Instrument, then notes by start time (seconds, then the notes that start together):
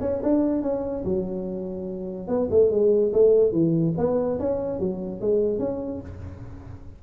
tuba
0.00 C#4
0.22 D4
0.62 C#4
1.04 F#3
2.27 B3
2.50 A3
2.70 G#3
3.13 A3
3.52 E3
3.97 B3
4.39 C#4
4.79 F#3
5.20 G#3
5.59 C#4